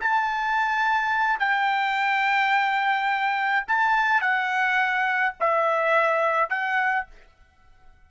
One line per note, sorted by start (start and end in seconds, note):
0.00 1.39 A5
1.39 3.65 G5
3.67 4.21 A5
4.21 5.34 F#5
5.40 6.49 E5
6.49 7.06 F#5